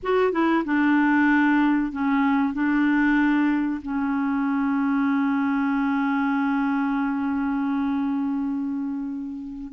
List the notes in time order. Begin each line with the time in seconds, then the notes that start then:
0.03 F#4
0.32 E4
0.64 D4
1.91 C#4
2.53 D4
3.82 C#4